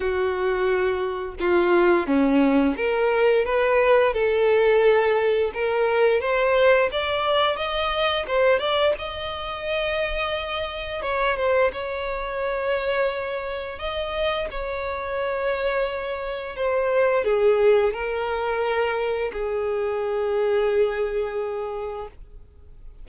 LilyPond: \new Staff \with { instrumentName = "violin" } { \time 4/4 \tempo 4 = 87 fis'2 f'4 cis'4 | ais'4 b'4 a'2 | ais'4 c''4 d''4 dis''4 | c''8 d''8 dis''2. |
cis''8 c''8 cis''2. | dis''4 cis''2. | c''4 gis'4 ais'2 | gis'1 | }